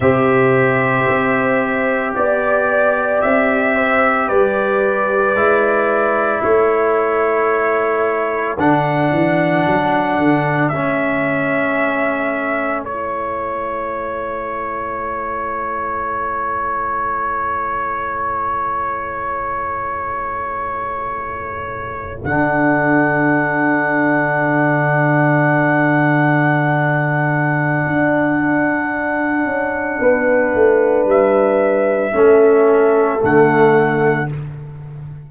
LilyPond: <<
  \new Staff \with { instrumentName = "trumpet" } { \time 4/4 \tempo 4 = 56 e''2 d''4 e''4 | d''2 cis''2 | fis''2 e''2 | cis''1~ |
cis''1~ | cis''8. fis''2.~ fis''16~ | fis''1~ | fis''4 e''2 fis''4 | }
  \new Staff \with { instrumentName = "horn" } { \time 4/4 c''2 d''4. c''8 | b'2 a'2~ | a'1~ | a'1~ |
a'1~ | a'1~ | a'1 | b'2 a'2 | }
  \new Staff \with { instrumentName = "trombone" } { \time 4/4 g'1~ | g'4 e'2. | d'2 cis'2 | e'1~ |
e'1~ | e'8. d'2.~ d'16~ | d'1~ | d'2 cis'4 a4 | }
  \new Staff \with { instrumentName = "tuba" } { \time 4/4 c4 c'4 b4 c'4 | g4 gis4 a2 | d8 e8 fis8 d8 a2~ | a1~ |
a1~ | a8. d2.~ d16~ | d2 d'4. cis'8 | b8 a8 g4 a4 d4 | }
>>